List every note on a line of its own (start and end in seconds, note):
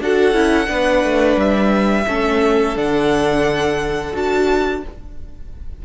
0.00 0.32 D4
0.00 0.33 F#4
0.00 0.68 A4
0.00 1.39 F#5
0.32 0.66 C#4
0.32 0.67 E4
0.67 1.04 B3
0.67 2.04 D4
0.67 2.06 B4
1.04 1.36 A3
1.36 2.05 G3
1.36 2.77 E5
2.06 2.76 A3
2.06 2.75 C#4
2.06 4.82 A4
2.75 4.14 D3
2.75 4.12 D4
2.75 4.15 F#5
4.12 4.83 D4
4.12 4.81 F#4
4.12 4.85 A5